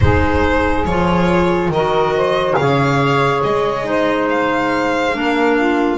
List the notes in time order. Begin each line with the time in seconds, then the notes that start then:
0.00 G#3 D#4 G#4 C5
0.85 F3 F4 C#5
1.69 D#3 A#4 D#5
1.75 F#4
2.16 C5
2.55 C#3 G#4 C#5 F5
3.43 G#3 D#5
3.83 D#4 C5
4.29 F5
5.12 A#3 D4 A#4
5.57 F4